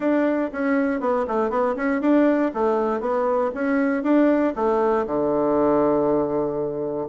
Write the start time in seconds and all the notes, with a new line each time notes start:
0.00 D4
0.52 C#4
1.00 B3
1.27 A3
1.50 B3
1.75 C#4
2.01 D4
2.53 A3
3.00 B3
3.54 C#4
4.03 D4
4.55 A3
5.06 D3